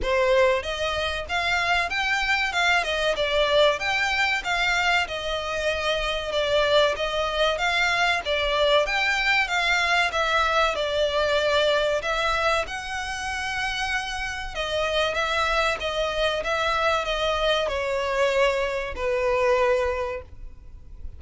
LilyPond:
\new Staff \with { instrumentName = "violin" } { \time 4/4 \tempo 4 = 95 c''4 dis''4 f''4 g''4 | f''8 dis''8 d''4 g''4 f''4 | dis''2 d''4 dis''4 | f''4 d''4 g''4 f''4 |
e''4 d''2 e''4 | fis''2. dis''4 | e''4 dis''4 e''4 dis''4 | cis''2 b'2 | }